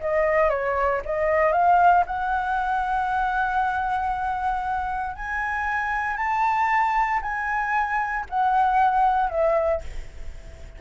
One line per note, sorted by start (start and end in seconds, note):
0.00 0.49 D#5
0.49 1.01 C#5
1.05 1.52 D#5
1.52 2.04 F5
2.06 5.16 F#5
5.16 6.17 G#5
6.17 7.20 A5
7.22 8.25 G#5
8.29 9.29 F#5
9.29 9.81 E5